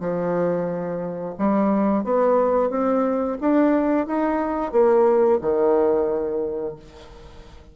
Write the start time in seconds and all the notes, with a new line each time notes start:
0.00 F3
1.38 G3
2.04 B3
2.70 C4
3.41 D4
4.07 D#4
4.72 A#3
5.41 D#3